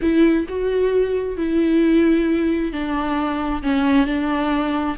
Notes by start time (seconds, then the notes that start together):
0.01 E4
0.48 F#4
1.37 E4
2.72 D4
3.62 C#4
4.06 D4